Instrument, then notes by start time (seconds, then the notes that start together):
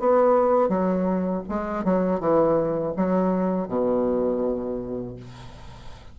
bassoon
0.00 B3
0.69 F#3
1.49 G#3
1.85 F#3
2.21 E3
2.97 F#3
3.68 B2